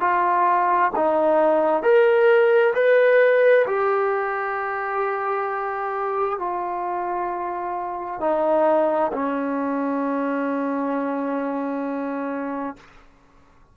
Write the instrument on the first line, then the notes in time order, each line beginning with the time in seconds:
trombone
0.00 F4
0.95 D#4
1.82 A#4
2.74 B4
3.67 G4
6.38 F4
8.20 D#4
9.12 C#4